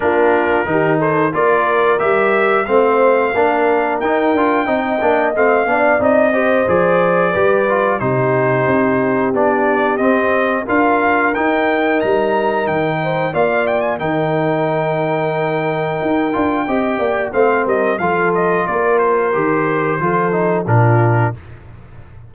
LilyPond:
<<
  \new Staff \with { instrumentName = "trumpet" } { \time 4/4 \tempo 4 = 90 ais'4. c''8 d''4 e''4 | f''2 g''2 | f''4 dis''4 d''2 | c''2 d''4 dis''4 |
f''4 g''4 ais''4 g''4 | f''8 g''16 gis''16 g''2.~ | g''2 f''8 dis''8 f''8 dis''8 | d''8 c''2~ c''8 ais'4 | }
  \new Staff \with { instrumentName = "horn" } { \time 4/4 f'4 g'8 a'8 ais'2 | c''4 ais'2 dis''4~ | dis''8 d''4 c''4. b'4 | g'1 |
ais'2.~ ais'8 c''8 | d''4 ais'2.~ | ais'4 dis''8 d''8 c''8 ais'8 a'4 | ais'2 a'4 f'4 | }
  \new Staff \with { instrumentName = "trombone" } { \time 4/4 d'4 dis'4 f'4 g'4 | c'4 d'4 dis'8 f'8 dis'8 d'8 | c'8 d'8 dis'8 g'8 gis'4 g'8 f'8 | dis'2 d'4 c'4 |
f'4 dis'2. | f'4 dis'2.~ | dis'8 f'8 g'4 c'4 f'4~ | f'4 g'4 f'8 dis'8 d'4 | }
  \new Staff \with { instrumentName = "tuba" } { \time 4/4 ais4 dis4 ais4 g4 | a4 ais4 dis'8 d'8 c'8 ais8 | a8 b8 c'4 f4 g4 | c4 c'4 b4 c'4 |
d'4 dis'4 g4 dis4 | ais4 dis2. | dis'8 d'8 c'8 ais8 a8 g8 f4 | ais4 dis4 f4 ais,4 | }
>>